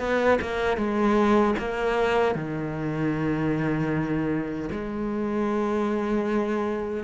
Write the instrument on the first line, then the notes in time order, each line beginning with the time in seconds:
cello
0.00 B3
0.42 A#3
0.77 G#3
1.59 A#3
2.36 D#3
4.72 G#3